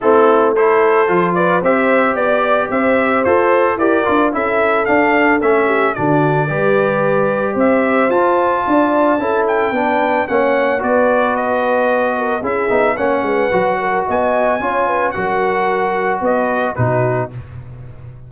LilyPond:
<<
  \new Staff \with { instrumentName = "trumpet" } { \time 4/4 \tempo 4 = 111 a'4 c''4. d''8 e''4 | d''4 e''4 c''4 d''4 | e''4 f''4 e''4 d''4~ | d''2 e''4 a''4~ |
a''4. g''4. fis''4 | d''4 dis''2 e''4 | fis''2 gis''2 | fis''2 dis''4 b'4 | }
  \new Staff \with { instrumentName = "horn" } { \time 4/4 e'4 a'4. b'8 c''4 | d''4 c''2 ais'4 | a'2~ a'8 g'8 fis'4 | b'2 c''2 |
d''4 a'4 b'4 cis''4 | b'2~ b'8 ais'8 gis'4 | cis''8 b'4 ais'8 dis''4 cis''8 b'8 | ais'2 b'4 fis'4 | }
  \new Staff \with { instrumentName = "trombone" } { \time 4/4 c'4 e'4 f'4 g'4~ | g'2 a'4 g'8 f'8 | e'4 d'4 cis'4 d'4 | g'2. f'4~ |
f'4 e'4 d'4 cis'4 | fis'2. e'8 dis'8 | cis'4 fis'2 f'4 | fis'2. dis'4 | }
  \new Staff \with { instrumentName = "tuba" } { \time 4/4 a2 f4 c'4 | b4 c'4 f'4 e'8 d'8 | cis'4 d'4 a4 d4 | g2 c'4 f'4 |
d'4 cis'4 b4 ais4 | b2. cis'8 b8 | ais8 gis8 fis4 b4 cis'4 | fis2 b4 b,4 | }
>>